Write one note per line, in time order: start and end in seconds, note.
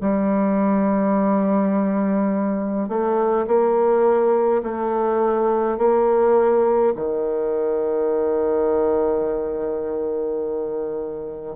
0.00 2.88 G3
2.88 3.46 A3
3.47 4.62 A#3
4.63 5.77 A3
5.77 6.93 A#3
6.95 11.55 D#3